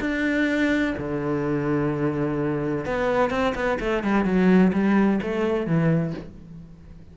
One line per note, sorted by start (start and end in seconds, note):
0.00 0.94 D4
0.97 2.85 D3
2.85 3.30 B3
3.30 3.53 C4
3.55 3.78 B3
3.80 4.03 A3
4.03 4.25 G3
4.25 4.72 F#3
4.73 5.20 G3
5.22 5.66 A3
5.66 6.14 E3